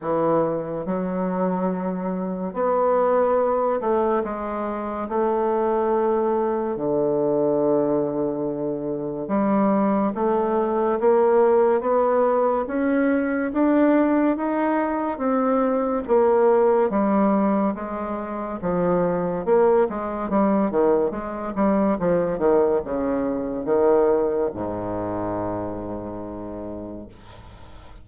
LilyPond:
\new Staff \with { instrumentName = "bassoon" } { \time 4/4 \tempo 4 = 71 e4 fis2 b4~ | b8 a8 gis4 a2 | d2. g4 | a4 ais4 b4 cis'4 |
d'4 dis'4 c'4 ais4 | g4 gis4 f4 ais8 gis8 | g8 dis8 gis8 g8 f8 dis8 cis4 | dis4 gis,2. | }